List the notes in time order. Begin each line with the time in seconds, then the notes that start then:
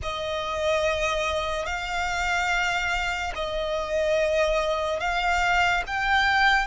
0.02 D#5
1.66 F5
3.35 D#5
5.00 F5
5.86 G5